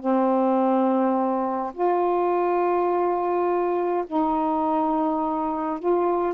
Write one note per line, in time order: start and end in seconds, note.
0.00 1.73 C4
1.74 4.05 F4
4.07 5.80 D#4
5.80 6.34 F4